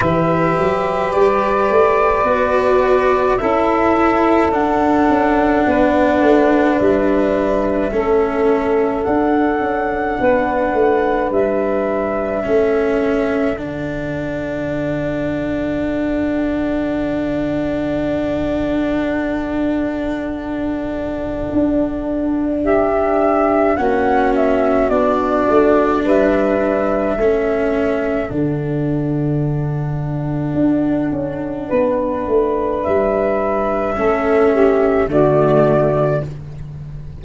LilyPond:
<<
  \new Staff \with { instrumentName = "flute" } { \time 4/4 \tempo 4 = 53 e''4 d''2 e''4 | fis''2 e''2 | fis''2 e''2 | fis''1~ |
fis''1 | e''4 fis''8 e''8 d''4 e''4~ | e''4 fis''2.~ | fis''4 e''2 d''4 | }
  \new Staff \with { instrumentName = "saxophone" } { \time 4/4 b'2. a'4~ | a'4 b'2 a'4~ | a'4 b'2 a'4~ | a'1~ |
a'1 | g'4 fis'2 b'4 | a'1 | b'2 a'8 g'8 fis'4 | }
  \new Staff \with { instrumentName = "cello" } { \time 4/4 g'2 fis'4 e'4 | d'2. cis'4 | d'2. cis'4 | d'1~ |
d'1~ | d'4 cis'4 d'2 | cis'4 d'2.~ | d'2 cis'4 a4 | }
  \new Staff \with { instrumentName = "tuba" } { \time 4/4 e8 fis8 g8 a8 b4 cis'4 | d'8 cis'8 b8 a8 g4 a4 | d'8 cis'8 b8 a8 g4 a4 | d1~ |
d2. d'4~ | d'4 ais4 b8 a8 g4 | a4 d2 d'8 cis'8 | b8 a8 g4 a4 d4 | }
>>